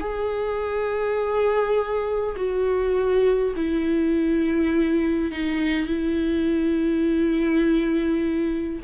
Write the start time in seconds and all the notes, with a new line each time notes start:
0.00 G#4
2.36 F#4
3.56 E4
5.32 D#4
5.87 E4